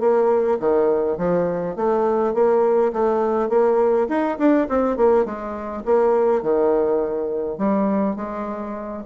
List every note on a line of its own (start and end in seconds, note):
0.00 0.58 A#3
0.59 1.18 D#3
1.18 1.76 F3
1.76 2.34 A3
2.34 2.92 A#3
2.93 3.49 A3
3.49 4.07 A#3
4.09 4.38 D#4
4.38 4.68 D4
4.68 4.96 C4
4.96 5.25 A#3
5.25 5.83 G#3
5.85 6.42 A#3
6.42 7.58 D#3
7.58 8.16 G3
8.16 9.03 G#3